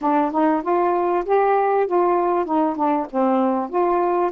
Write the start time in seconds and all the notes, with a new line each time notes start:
0.01 D4
0.31 D#4
0.62 F4
1.25 G4
1.86 F4
2.45 D#4
2.76 D4
3.10 C4
3.69 F4